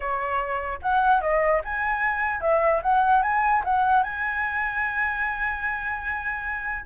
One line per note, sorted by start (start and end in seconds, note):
0.00 0.79 C#5
0.82 1.21 F#5
1.21 1.61 D#5
1.64 2.41 G#5
2.41 2.81 E5
2.82 3.22 F#5
3.22 3.62 G#5
3.64 4.03 F#5
4.03 6.85 G#5